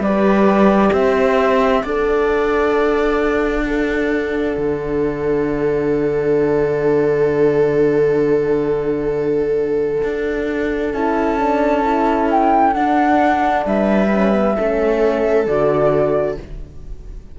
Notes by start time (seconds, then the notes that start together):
0.00 G3 G4 B4 D5
0.93 C4 C5 E5
1.83 D4 A4 D5 F#5
3.66 D4 A4
4.58 D3
10.04 D4
10.94 C#4 E4 A5
11.40 D4
11.83 E4
12.31 G5
12.74 D4 F#5
13.66 G3 B4 E5
14.13 C#4
14.33 B3
14.56 A3 C#4 A4
15.47 D3 F#4 D5